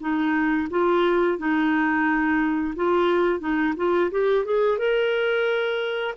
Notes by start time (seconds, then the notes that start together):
0.00 D#4
0.70 F4
1.38 D#4
2.76 F4
3.40 D#4
3.77 F4
4.11 G4
4.45 G#4
4.78 A#4